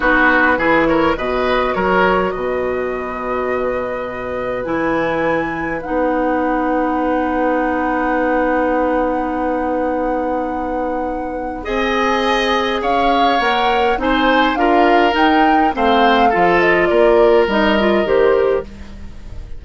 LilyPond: <<
  \new Staff \with { instrumentName = "flute" } { \time 4/4 \tempo 4 = 103 b'4. cis''8 dis''4 cis''4 | dis''1 | gis''2 fis''2~ | fis''1~ |
fis''1 | gis''2 f''4 fis''4 | gis''4 f''4 g''4 f''4~ | f''8 dis''8 d''4 dis''4 c''4 | }
  \new Staff \with { instrumentName = "oboe" } { \time 4/4 fis'4 gis'8 ais'8 b'4 ais'4 | b'1~ | b'1~ | b'1~ |
b'1 | dis''2 cis''2 | c''4 ais'2 c''4 | a'4 ais'2. | }
  \new Staff \with { instrumentName = "clarinet" } { \time 4/4 dis'4 e'4 fis'2~ | fis'1 | e'2 dis'2~ | dis'1~ |
dis'1 | gis'2. ais'4 | dis'4 f'4 dis'4 c'4 | f'2 dis'8 f'8 g'4 | }
  \new Staff \with { instrumentName = "bassoon" } { \time 4/4 b4 e4 b,4 fis4 | b,1 | e2 b2~ | b1~ |
b1 | c'2 cis'4 ais4 | c'4 d'4 dis'4 a4 | f4 ais4 g4 dis4 | }
>>